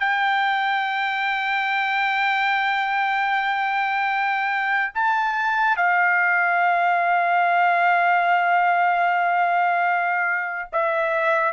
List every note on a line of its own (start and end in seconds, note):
0.00 4.93 G5
4.95 5.77 A5
5.77 10.70 F5
10.73 11.53 E5